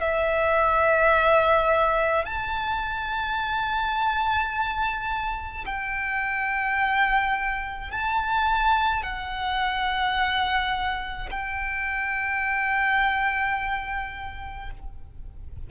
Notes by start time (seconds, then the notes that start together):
0.00 E5
2.25 A5
5.65 G5
7.91 A5
9.03 F#5
11.31 G5